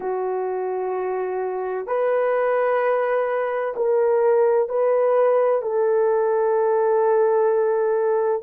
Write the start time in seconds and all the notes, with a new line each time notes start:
0.00 F#4
1.87 B4
3.75 A#4
4.68 B4
5.62 A4